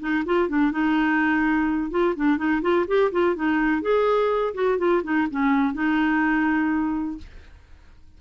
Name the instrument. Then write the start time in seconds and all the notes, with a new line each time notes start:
clarinet
0.00 D#4
0.26 F4
0.49 D4
0.72 D#4
1.91 F4
2.16 D4
2.38 D#4
2.62 F4
2.88 G4
3.12 F4
3.35 D#4
3.82 G#4
4.54 F#4
4.78 F4
5.03 D#4
5.31 C#4
5.74 D#4